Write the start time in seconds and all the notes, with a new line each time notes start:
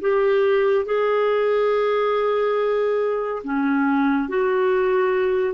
0.00 G4
0.85 G#4
3.43 C#4
4.28 F#4